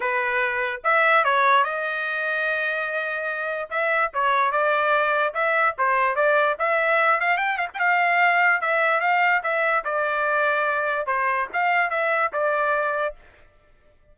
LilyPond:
\new Staff \with { instrumentName = "trumpet" } { \time 4/4 \tempo 4 = 146 b'2 e''4 cis''4 | dis''1~ | dis''4 e''4 cis''4 d''4~ | d''4 e''4 c''4 d''4 |
e''4. f''8 g''8 f''16 g''16 f''4~ | f''4 e''4 f''4 e''4 | d''2. c''4 | f''4 e''4 d''2 | }